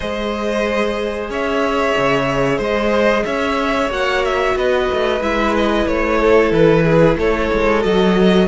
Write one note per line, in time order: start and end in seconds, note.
0.00 1.29 G#3
0.00 3.90 G#4
0.00 1.30 C5
0.00 1.30 D#5
1.29 1.94 C#4
1.29 2.57 C#5
1.29 2.63 E5
1.96 2.59 C#3
2.57 3.24 G#3
2.57 3.23 C5
2.57 3.25 D#5
3.25 3.89 C#4
3.25 4.55 C#5
3.25 3.90 E5
3.89 4.54 A#3
3.89 5.20 F#4
3.89 4.24 F#5
4.24 4.57 E5
4.55 4.88 B3
4.55 6.19 B4
4.55 5.22 D#5
4.92 5.20 A3
5.20 5.86 G#3
5.20 7.81 E4
5.20 5.54 E5
5.56 5.87 D#5
5.86 6.51 A3
5.86 6.51 C#5
6.19 6.84 A4
6.51 7.16 E3
6.51 7.16 B4
6.84 7.17 G#4
7.16 7.48 A3
7.16 8.47 A4
7.16 7.82 C#5
7.52 7.84 G#3
7.81 8.47 F#3
7.81 8.46 F#4
7.81 8.47 D#5